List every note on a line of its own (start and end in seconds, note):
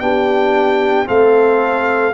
0.00 1.08 B3
0.00 1.05 D4
0.00 1.08 G4
0.00 1.07 G5
1.05 2.14 A3
1.05 2.12 C4
1.05 2.14 A4
1.05 2.14 F5